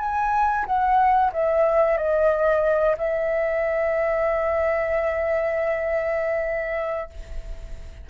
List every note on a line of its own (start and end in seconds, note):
0.00 0.66 G#5
0.66 1.32 F#5
1.33 1.98 E5
1.98 2.96 D#5
2.98 7.10 E5